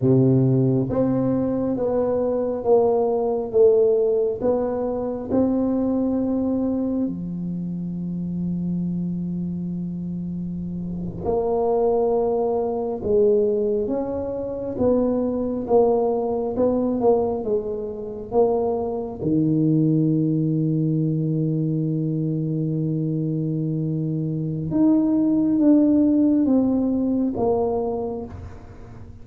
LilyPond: \new Staff \with { instrumentName = "tuba" } { \time 4/4 \tempo 4 = 68 c4 c'4 b4 ais4 | a4 b4 c'2 | f1~ | f8. ais2 gis4 cis'16~ |
cis'8. b4 ais4 b8 ais8 gis16~ | gis8. ais4 dis2~ dis16~ | dis1 | dis'4 d'4 c'4 ais4 | }